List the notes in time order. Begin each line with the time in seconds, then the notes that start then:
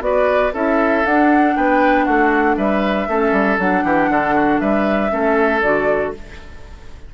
0.00 B3 F#4 B4 D5
0.53 C#4 E4 A4 E5
1.05 D4 F#5
1.56 B3 B4 G5
2.05 A3 F#4 F#5
2.57 G3 B4 E5
3.08 A3 C#4 A4
3.32 G3
3.58 F#3 D4 F#5
3.84 E3 G4
4.09 D3 A4
4.35 F#4
4.60 G3 B4 E5
5.09 A3 C#4 A4
5.61 D3 F#4 D5